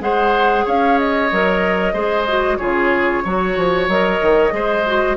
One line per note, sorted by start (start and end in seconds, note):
0.00 0.65 G#3
0.00 1.29 G#4
0.00 0.65 C5
0.00 0.67 F#5
0.65 1.32 C#4
0.65 1.93 C#5
0.65 0.99 F5
0.99 2.57 D#5
1.32 1.94 F#3
1.32 1.94 A#4
1.93 2.58 G#3
1.93 2.27 G#4
1.93 2.58 C5
2.28 2.60 F#4
2.57 3.25 C#3
2.57 3.24 F4
2.57 3.24 G#4
2.57 3.86 C#5
3.25 3.57 F#3
3.25 3.90 F#4
3.25 4.54 C#5
3.57 3.88 F3
3.88 4.20 F#3
3.88 4.51 A#4
3.88 5.17 D#5
4.22 4.52 D#3
4.51 5.17 G#3
4.51 4.83 G#4
4.51 5.17 C5
4.86 5.17 F#4